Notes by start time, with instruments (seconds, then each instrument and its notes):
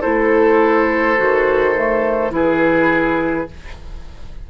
0.00 bassoon A3, clarinet E4, oboe A4, flute C5
1.17 bassoon D#3, clarinet F#4
1.75 clarinet A3
2.30 bassoon E3, clarinet E4, oboe G#4, flute B4